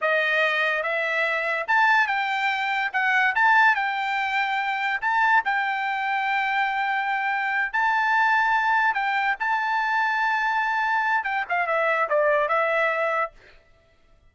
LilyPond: \new Staff \with { instrumentName = "trumpet" } { \time 4/4 \tempo 4 = 144 dis''2 e''2 | a''4 g''2 fis''4 | a''4 g''2. | a''4 g''2.~ |
g''2~ g''8 a''4.~ | a''4. g''4 a''4.~ | a''2. g''8 f''8 | e''4 d''4 e''2 | }